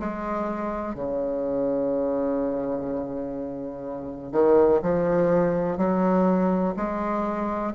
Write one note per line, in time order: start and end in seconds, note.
0.00 0.95 G#3
0.95 4.32 C#3
4.32 4.81 D#3
4.83 5.78 F3
5.78 6.75 F#3
6.77 7.74 G#3